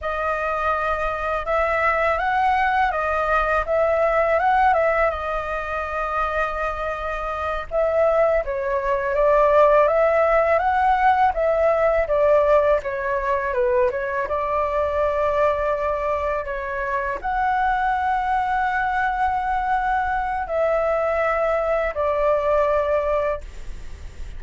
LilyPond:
\new Staff \with { instrumentName = "flute" } { \time 4/4 \tempo 4 = 82 dis''2 e''4 fis''4 | dis''4 e''4 fis''8 e''8 dis''4~ | dis''2~ dis''8 e''4 cis''8~ | cis''8 d''4 e''4 fis''4 e''8~ |
e''8 d''4 cis''4 b'8 cis''8 d''8~ | d''2~ d''8 cis''4 fis''8~ | fis''1 | e''2 d''2 | }